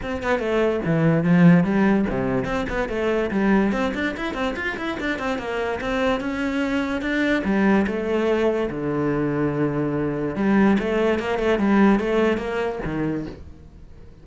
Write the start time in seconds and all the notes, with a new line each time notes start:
0.02 C4
0.22 B3
0.39 A3
0.85 E3
1.23 F3
1.64 G3
2.09 C3
2.45 C4
2.69 B3
2.89 A3
3.30 G3
3.71 C4
3.94 D4
4.16 E4
4.34 C4
4.56 F4
4.77 E4
5.00 D4
5.18 C4
5.38 A#3
5.80 C4
6.20 C#4
7.01 D4
7.44 G3
7.86 A3
8.70 D3
10.35 G3
10.79 A3
11.19 A#3
11.38 A3
11.59 G3
11.99 A3
12.37 A#3
12.84 D#3